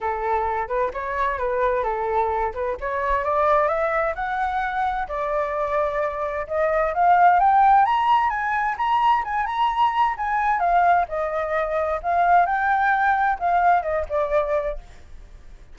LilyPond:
\new Staff \with { instrumentName = "flute" } { \time 4/4 \tempo 4 = 130 a'4. b'8 cis''4 b'4 | a'4. b'8 cis''4 d''4 | e''4 fis''2 d''4~ | d''2 dis''4 f''4 |
g''4 ais''4 gis''4 ais''4 | gis''8 ais''4. gis''4 f''4 | dis''2 f''4 g''4~ | g''4 f''4 dis''8 d''4. | }